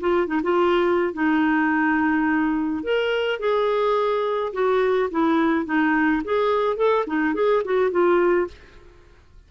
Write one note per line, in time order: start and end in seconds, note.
0.00 0.27 F4
0.27 0.41 D#4
0.43 1.13 F4
1.13 2.83 D#4
2.83 3.39 A#4
3.39 4.52 G#4
4.53 5.09 F#4
5.11 5.66 E4
5.66 6.22 D#4
6.24 6.77 G#4
6.77 7.05 A4
7.06 7.34 D#4
7.34 7.62 G#4
7.64 7.91 F#4
7.91 8.47 F4